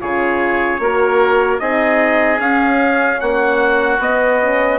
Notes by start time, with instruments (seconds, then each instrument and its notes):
0.00 bassoon C#3, horn F4, oboe G#4, trumpet C#5
0.79 bassoon A#3, horn F#4, oboe A#4
1.59 bassoon C4, horn D#4, oboe G#4, trumpet D#5
2.39 bassoon C#4, horn C#4, trumpet F5
3.20 bassoon A#3, oboe F#4, trumpet F#5
3.99 bassoon B3, horn B3, trumpet D#5
4.41 horn C#4